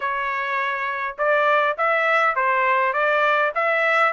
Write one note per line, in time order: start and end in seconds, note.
0.00 1.16 C#5
1.18 1.76 D5
1.77 2.35 E5
2.35 2.93 C5
2.93 3.52 D5
3.55 4.12 E5